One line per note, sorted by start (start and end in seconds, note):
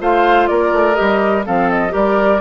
0.00 0.49 A3
0.00 0.94 F4
0.00 0.49 C5
0.00 0.48 F5
0.48 0.73 A#3
0.48 1.46 A#4
0.48 0.95 D5
0.73 0.97 A3
0.94 1.43 G4
0.94 1.44 D#5
1.01 1.47 G3
1.46 1.95 F3
1.46 1.90 C4
1.46 1.93 A4
1.46 1.70 F5
1.70 1.95 D#5
1.90 2.41 G3
1.90 2.38 G4
1.90 2.41 A#4
1.90 2.41 D5